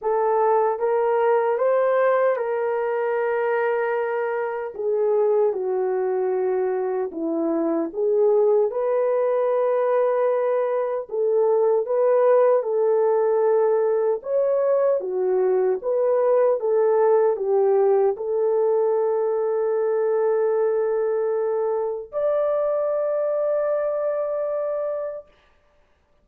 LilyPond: \new Staff \with { instrumentName = "horn" } { \time 4/4 \tempo 4 = 76 a'4 ais'4 c''4 ais'4~ | ais'2 gis'4 fis'4~ | fis'4 e'4 gis'4 b'4~ | b'2 a'4 b'4 |
a'2 cis''4 fis'4 | b'4 a'4 g'4 a'4~ | a'1 | d''1 | }